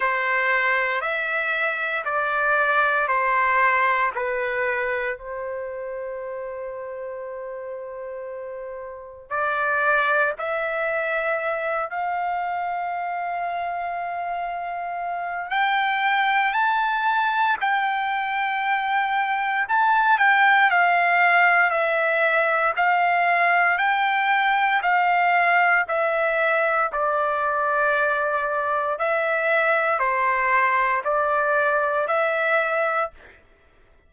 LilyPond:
\new Staff \with { instrumentName = "trumpet" } { \time 4/4 \tempo 4 = 58 c''4 e''4 d''4 c''4 | b'4 c''2.~ | c''4 d''4 e''4. f''8~ | f''2. g''4 |
a''4 g''2 a''8 g''8 | f''4 e''4 f''4 g''4 | f''4 e''4 d''2 | e''4 c''4 d''4 e''4 | }